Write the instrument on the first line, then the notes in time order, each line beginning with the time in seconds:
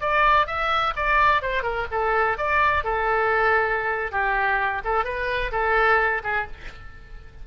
oboe
0.00 D5
0.46 E5
0.96 D5
1.42 C5
1.62 A#4
1.91 A4
2.37 D5
2.84 A4
4.11 G4
4.84 A4
5.04 B4
5.51 A4
6.23 G#4